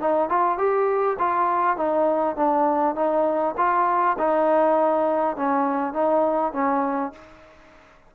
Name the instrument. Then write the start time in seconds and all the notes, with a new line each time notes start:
trombone
0.00 D#4
0.29 F4
0.58 G4
1.19 F4
1.77 D#4
2.36 D4
2.95 D#4
3.57 F4
4.18 D#4
5.37 C#4
5.93 D#4
6.53 C#4